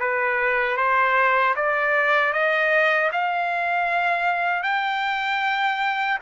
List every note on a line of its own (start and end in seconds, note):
0.00 0.77 B4
0.77 1.55 C5
1.56 2.33 D5
2.33 3.11 D#5
3.12 4.63 F5
4.63 6.19 G5